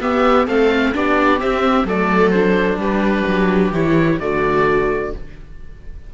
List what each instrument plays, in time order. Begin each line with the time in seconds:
0.00 cello B3, viola B3 G4, oboe E5
0.47 cello A3, viola C4 A4, oboe F5
0.93 cello B3, viola D4 G4, oboe D5
1.39 viola C4, cello C4, oboe E5
1.84 cello F#3, viola A3 A4, oboe D5
2.30 viola D4, oboe C5
2.76 cello G3, viola G4, oboe B4
3.27 cello F#3
3.72 cello E3, viola E4, oboe C#5
4.19 cello D3, viola A3 F#4, oboe D5